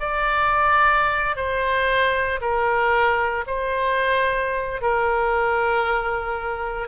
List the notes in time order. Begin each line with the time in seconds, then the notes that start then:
0.00 D5
1.36 C5
2.41 A#4
3.47 C5
4.82 A#4